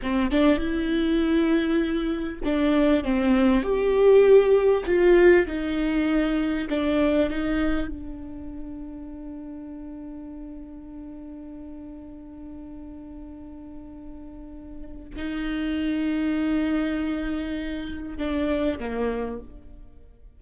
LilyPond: \new Staff \with { instrumentName = "viola" } { \time 4/4 \tempo 4 = 99 c'8 d'8 e'2. | d'4 c'4 g'2 | f'4 dis'2 d'4 | dis'4 d'2.~ |
d'1~ | d'1~ | d'4 dis'2.~ | dis'2 d'4 ais4 | }